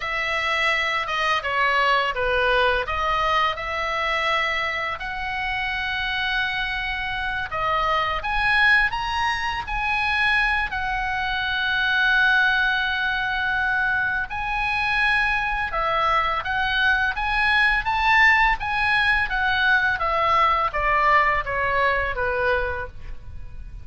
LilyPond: \new Staff \with { instrumentName = "oboe" } { \time 4/4 \tempo 4 = 84 e''4. dis''8 cis''4 b'4 | dis''4 e''2 fis''4~ | fis''2~ fis''8 dis''4 gis''8~ | gis''8 ais''4 gis''4. fis''4~ |
fis''1 | gis''2 e''4 fis''4 | gis''4 a''4 gis''4 fis''4 | e''4 d''4 cis''4 b'4 | }